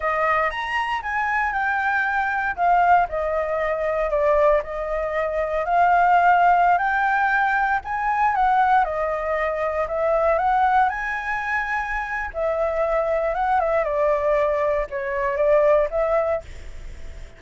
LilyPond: \new Staff \with { instrumentName = "flute" } { \time 4/4 \tempo 4 = 117 dis''4 ais''4 gis''4 g''4~ | g''4 f''4 dis''2 | d''4 dis''2 f''4~ | f''4~ f''16 g''2 gis''8.~ |
gis''16 fis''4 dis''2 e''8.~ | e''16 fis''4 gis''2~ gis''8. | e''2 fis''8 e''8 d''4~ | d''4 cis''4 d''4 e''4 | }